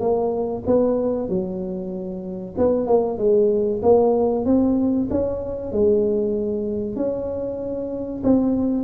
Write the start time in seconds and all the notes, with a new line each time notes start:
0.00 A#3
0.66 B3
1.28 F#3
2.58 B3
2.87 A#3
3.18 G#3
3.82 A#3
4.45 C4
5.10 C#4
5.72 G#3
6.96 C#4
8.23 C4